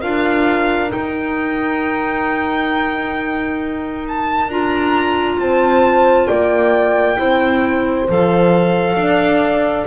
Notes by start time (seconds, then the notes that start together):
0.00 D4 F4 A#4 F5
0.88 D#4 G5
0.94 D#4
4.08 A5
4.48 D4 F4 A#5
5.38 C4 C5 A5
6.27 A#3 D5 G5
7.16 C4 E4 C5
8.09 F3 A4 F5
8.96 D4 D5